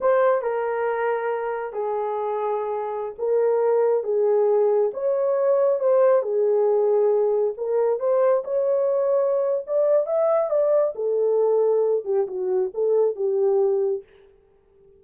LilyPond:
\new Staff \with { instrumentName = "horn" } { \time 4/4 \tempo 4 = 137 c''4 ais'2. | gis'2.~ gis'16 ais'8.~ | ais'4~ ais'16 gis'2 cis''8.~ | cis''4~ cis''16 c''4 gis'4.~ gis'16~ |
gis'4~ gis'16 ais'4 c''4 cis''8.~ | cis''2 d''4 e''4 | d''4 a'2~ a'8 g'8 | fis'4 a'4 g'2 | }